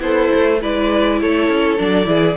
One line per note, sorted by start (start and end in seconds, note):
0.00 0.30 B3
0.00 0.59 E4
0.00 0.62 A4
0.00 0.61 C5
0.35 0.64 A3
0.62 1.22 G#3
0.62 1.79 E4
0.62 1.21 B4
0.62 1.22 D5
1.22 1.49 A3
1.22 2.09 A4
1.22 1.79 C#5
1.49 1.79 C#4
1.79 2.07 F#3
1.79 2.05 D4
1.79 2.37 D5
2.05 2.36 E3
2.05 2.34 E4
2.05 2.37 G#4